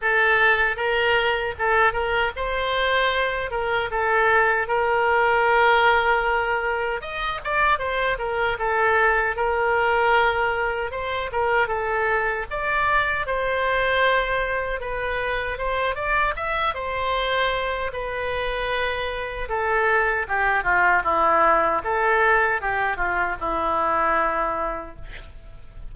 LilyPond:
\new Staff \with { instrumentName = "oboe" } { \time 4/4 \tempo 4 = 77 a'4 ais'4 a'8 ais'8 c''4~ | c''8 ais'8 a'4 ais'2~ | ais'4 dis''8 d''8 c''8 ais'8 a'4 | ais'2 c''8 ais'8 a'4 |
d''4 c''2 b'4 | c''8 d''8 e''8 c''4. b'4~ | b'4 a'4 g'8 f'8 e'4 | a'4 g'8 f'8 e'2 | }